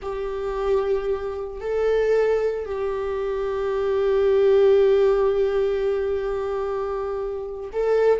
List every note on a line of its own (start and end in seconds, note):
0.02 1.60 G4
1.60 2.65 A4
2.65 7.70 G4
7.73 8.19 A4